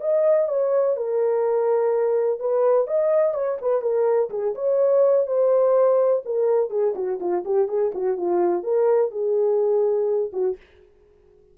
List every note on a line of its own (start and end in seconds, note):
0.00 0.48 D#5
0.48 0.96 C#5
0.96 2.39 A#4
2.39 2.87 B4
2.87 3.33 D#5
3.33 3.57 C#5
3.61 3.81 B4
3.81 4.29 A#4
4.30 4.54 G#4
4.54 5.26 C#5
5.26 6.22 C5
6.25 6.70 A#4
6.70 6.94 G#4
6.95 7.19 F#4
7.20 7.44 F4
7.44 7.68 G4
7.68 7.92 G#4
7.94 8.17 F#4
8.17 8.63 F4
8.63 9.11 A#4
9.11 10.31 G#4
10.32 10.56 F#4